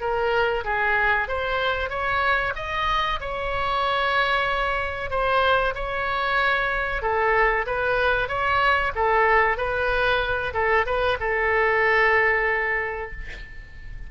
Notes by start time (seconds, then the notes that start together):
0.00 A#4
0.64 G#4
1.28 C5
1.89 C#5
2.55 D#5
3.20 C#5
5.10 C5
5.74 C#5
7.02 A4
7.66 B4
8.28 C#5
8.95 A4
9.57 B4
10.53 A4
10.85 B4
11.19 A4